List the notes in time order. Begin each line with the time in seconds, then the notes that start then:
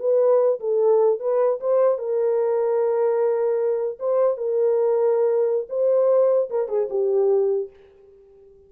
0.00 B4
0.60 A4
1.20 B4
1.61 C5
1.99 A#4
4.00 C5
4.38 A#4
5.70 C5
6.50 A#4
6.69 G#4
6.91 G4